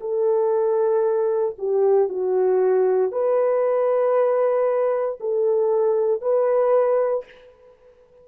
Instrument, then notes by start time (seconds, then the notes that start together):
horn
0.00 A4
1.58 G4
2.09 F#4
3.12 B4
5.20 A4
6.21 B4